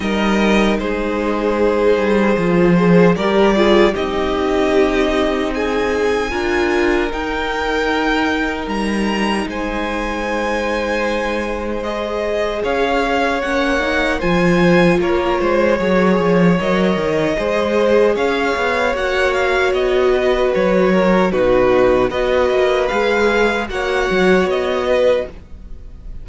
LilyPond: <<
  \new Staff \with { instrumentName = "violin" } { \time 4/4 \tempo 4 = 76 dis''4 c''2. | d''4 dis''2 gis''4~ | gis''4 g''2 ais''4 | gis''2. dis''4 |
f''4 fis''4 gis''4 cis''4~ | cis''4 dis''2 f''4 | fis''8 f''8 dis''4 cis''4 b'4 | dis''4 f''4 fis''4 dis''4 | }
  \new Staff \with { instrumentName = "violin" } { \time 4/4 ais'4 gis'2~ gis'8 c''8 | ais'8 gis'8 g'2 gis'4 | ais'1 | c''1 |
cis''2 c''4 ais'8 c''8 | cis''2 c''4 cis''4~ | cis''4. b'4 ais'8 fis'4 | b'2 cis''4. b'8 | }
  \new Staff \with { instrumentName = "viola" } { \time 4/4 dis'2. f'8 gis'8 | g'8 f'8 dis'2. | f'4 dis'2.~ | dis'2. gis'4~ |
gis'4 cis'8 dis'8 f'2 | gis'4 ais'4 gis'2 | fis'2. dis'4 | fis'4 gis'4 fis'2 | }
  \new Staff \with { instrumentName = "cello" } { \time 4/4 g4 gis4. g8 f4 | g4 c'2. | d'4 dis'2 g4 | gis1 |
cis'4 ais4 f4 ais8 gis8 | fis8 f8 fis8 dis8 gis4 cis'8 b8 | ais4 b4 fis4 b,4 | b8 ais8 gis4 ais8 fis8 b4 | }
>>